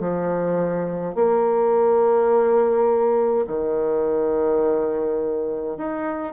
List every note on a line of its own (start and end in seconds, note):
0.00 1.15 F3
1.15 3.46 A#3
3.47 5.77 D#3
5.77 6.33 D#4